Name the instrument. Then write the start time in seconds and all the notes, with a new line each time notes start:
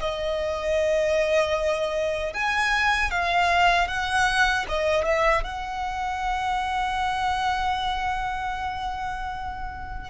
violin
0.00 D#5
2.33 G#5
3.11 F5
3.87 F#5
4.68 D#5
5.05 E5
5.44 F#5